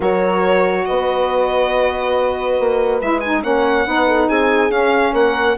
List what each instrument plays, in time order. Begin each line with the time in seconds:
0.00 bassoon F#3, saxophone F#4, horn A#4, violin C#5
0.85 bassoon B3, horn B4, violin D#5
2.59 bassoon A#3
3.00 bassoon G#3, saxophone E4, violin E5
3.20 saxophone D#4, violin G#5
3.43 bassoon A#3, saxophone C#4, horn C#5, violin F#5
3.86 bassoon B3, saxophone D#4, horn B4
4.07 horn A4
4.28 bassoon C4, horn G#4, violin G#5
4.69 bassoon C#4, saxophone C#4, violin F5
5.13 bassoon A#3, horn A#4, violin F#5